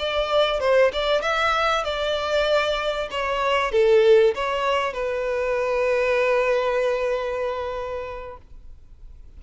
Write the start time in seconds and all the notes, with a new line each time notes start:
0.00 D5
0.61 C5
0.93 D5
1.22 E5
1.84 D5
3.11 C#5
3.72 A4
4.35 C#5
4.94 B4